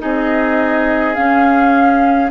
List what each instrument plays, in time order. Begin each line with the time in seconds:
0.00 bassoon C4, clarinet D#4, oboe G#4, flute D#5
1.15 clarinet C#4, bassoon C#4, flute F5